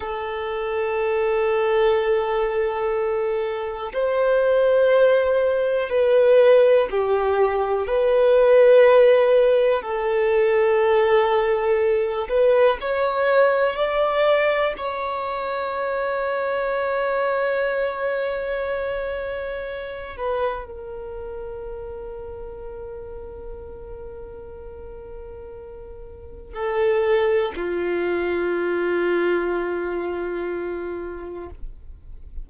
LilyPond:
\new Staff \with { instrumentName = "violin" } { \time 4/4 \tempo 4 = 61 a'1 | c''2 b'4 g'4 | b'2 a'2~ | a'8 b'8 cis''4 d''4 cis''4~ |
cis''1~ | cis''8 b'8 ais'2.~ | ais'2. a'4 | f'1 | }